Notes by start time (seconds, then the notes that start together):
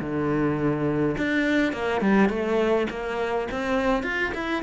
0.00 D3
1.18 D4
1.73 A#3
2.01 G3
2.29 A3
2.90 A#3
3.51 C4
4.03 F4
4.35 E4